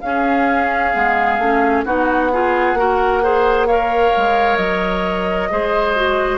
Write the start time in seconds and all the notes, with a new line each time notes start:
0.00 C#4 G#4 F5
0.93 G#3 B3
1.38 A3 C#4
1.85 B3 D#4 F#4 F#5
2.32 F4 G#4
2.73 A#3 F#4 A#4
3.22 G#4 C5
3.67 A#4 C#5 F5
4.17 G#3
4.56 F#3 D#5
5.50 G#3 G#4 C5
5.95 F#4